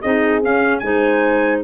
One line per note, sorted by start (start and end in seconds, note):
0.00 0.44 C4
0.00 0.41 D#4
0.00 0.82 G#4
0.00 0.42 D#5
0.41 0.81 C#4
0.41 0.79 F5
0.79 1.63 G#3
0.79 1.63 D#4
0.79 1.63 C5
0.79 1.60 G#5